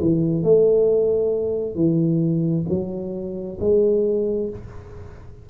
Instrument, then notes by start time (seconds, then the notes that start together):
tuba
0.00 E3
0.43 A3
1.75 E3
2.69 F#3
3.60 G#3